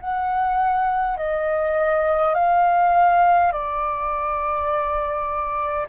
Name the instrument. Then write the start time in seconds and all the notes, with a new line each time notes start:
flute
0.00 F#5
1.17 D#5
2.35 F5
3.52 D5